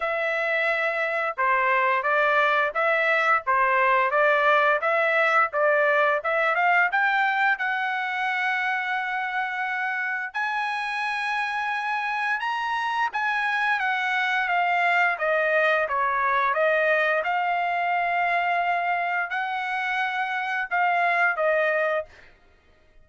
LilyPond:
\new Staff \with { instrumentName = "trumpet" } { \time 4/4 \tempo 4 = 87 e''2 c''4 d''4 | e''4 c''4 d''4 e''4 | d''4 e''8 f''8 g''4 fis''4~ | fis''2. gis''4~ |
gis''2 ais''4 gis''4 | fis''4 f''4 dis''4 cis''4 | dis''4 f''2. | fis''2 f''4 dis''4 | }